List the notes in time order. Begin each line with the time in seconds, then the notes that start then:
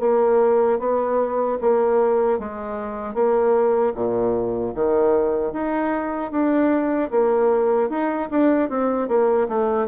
0.00 A#3
0.79 B3
1.61 A#3
2.39 G#3
3.14 A#3
3.95 A#2
4.75 D#3
5.53 D#4
6.31 D4
7.11 A#3
7.89 D#4
8.30 D4
8.69 C4
9.08 A#3
9.48 A3